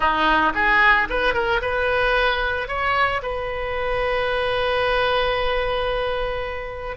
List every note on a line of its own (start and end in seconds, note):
0.00 0.52 D#4
0.54 1.08 G#4
1.09 1.34 B4
1.34 1.60 A#4
1.61 2.68 B4
2.68 3.21 C#5
3.22 6.96 B4